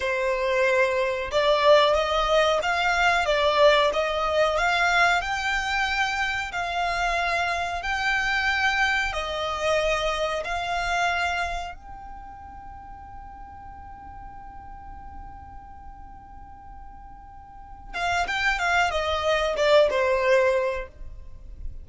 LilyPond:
\new Staff \with { instrumentName = "violin" } { \time 4/4 \tempo 4 = 92 c''2 d''4 dis''4 | f''4 d''4 dis''4 f''4 | g''2 f''2 | g''2 dis''2 |
f''2 g''2~ | g''1~ | g''2.~ g''8 f''8 | g''8 f''8 dis''4 d''8 c''4. | }